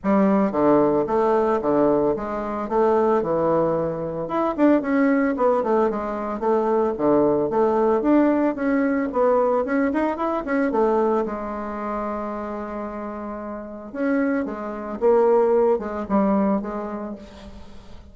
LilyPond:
\new Staff \with { instrumentName = "bassoon" } { \time 4/4 \tempo 4 = 112 g4 d4 a4 d4 | gis4 a4 e2 | e'8 d'8 cis'4 b8 a8 gis4 | a4 d4 a4 d'4 |
cis'4 b4 cis'8 dis'8 e'8 cis'8 | a4 gis2.~ | gis2 cis'4 gis4 | ais4. gis8 g4 gis4 | }